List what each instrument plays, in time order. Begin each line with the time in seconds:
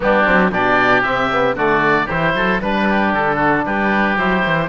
0.00 cello G3, trombone B3, oboe D4 G4
0.25 cello F#3, trombone C4
0.51 cello B2, trombone D4, oboe G4 D5
1.02 cello C3, trombone C4, oboe E5
1.32 trombone B3
1.54 cello D3, trombone A3, oboe F#4 D5
2.06 cello E3, trombone E4, oboe G4 C5
2.34 cello F#3, oboe A4
2.61 cello G3, trombone D4, oboe B4
2.89 oboe G4
3.13 cello D3, oboe A4
3.36 oboe F#4
3.65 cello G3, oboe G4 B4
4.16 cello F#3, trombone E4, oboe C5
4.45 cello E3